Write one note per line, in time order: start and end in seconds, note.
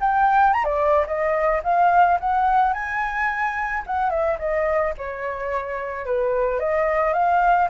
0.00 0.53 G5
0.53 0.64 A#5
0.64 1.05 D5
1.06 1.61 D#5
1.63 2.18 F5
2.20 2.73 F#5
2.73 3.83 G#5
3.86 4.10 F#5
4.10 4.37 E5
4.38 4.93 D#5
4.97 6.06 C#5
6.06 6.60 B4
6.60 7.13 D#5
7.13 7.68 F5